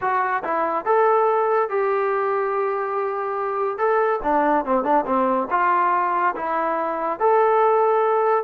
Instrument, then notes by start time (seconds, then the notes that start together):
trombone
0.01 F#4
0.43 E4
0.85 A4
1.69 G4
3.78 A4
4.23 D4
4.65 C4
4.83 D4
5.06 C4
5.50 F4
6.35 E4
7.19 A4